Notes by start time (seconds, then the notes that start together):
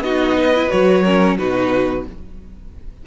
0.00 B3 D#4 F#4 D#5
0.37 B4
0.55 E4
0.70 F#3 F#4 C#5
1.04 C#4 A#4
1.38 B2 D#4 F#4 B4